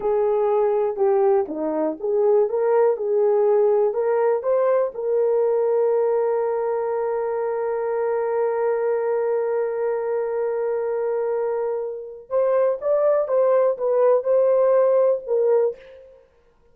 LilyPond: \new Staff \with { instrumentName = "horn" } { \time 4/4 \tempo 4 = 122 gis'2 g'4 dis'4 | gis'4 ais'4 gis'2 | ais'4 c''4 ais'2~ | ais'1~ |
ais'1~ | ais'1~ | ais'4 c''4 d''4 c''4 | b'4 c''2 ais'4 | }